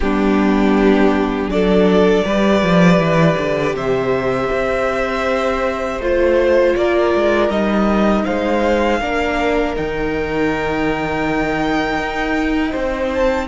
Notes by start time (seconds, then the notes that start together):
0.00 G3 B3 D4 G4
1.47 F#3 D4 A4 D5
2.25 G3 G4 B4
2.62 F3
2.98 E3
3.37 D3
3.74 C3 C5 E5
4.52 C4
5.99 A3 F4 C5
6.75 A#3 A#4 D5
7.15 G#3
7.49 G3 D#4 D#5
8.25 G#3 C5 F5
9.00 A#3 D4 A#4
9.75 D#3 D#4 G5
11.98 D#4
12.70 C4 C5
13.13 A5